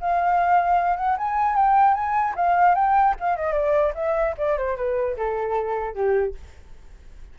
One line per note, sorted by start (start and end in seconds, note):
0.00 0.96 F5
0.96 1.16 F#5
1.17 1.55 G#5
1.55 1.94 G5
1.94 2.34 G#5
2.35 2.74 F5
2.74 3.14 G5
3.20 3.36 F5
3.36 3.52 D#5
3.52 3.92 D5
3.95 4.35 E5
4.37 4.57 D5
4.57 4.76 C5
4.76 5.16 B4
5.16 5.94 A4
5.94 6.34 G4